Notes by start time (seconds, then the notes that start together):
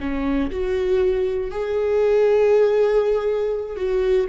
0.00 C#4
0.51 F#4
1.51 G#4
3.77 F#4